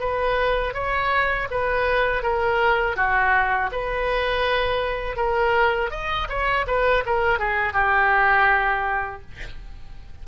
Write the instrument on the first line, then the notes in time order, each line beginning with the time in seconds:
oboe
0.00 B4
0.74 C#5
1.51 B4
2.23 A#4
2.96 F#4
3.72 B4
5.16 A#4
5.91 D#5
6.29 C#5
6.67 B4
7.06 A#4
7.39 G#4
7.73 G4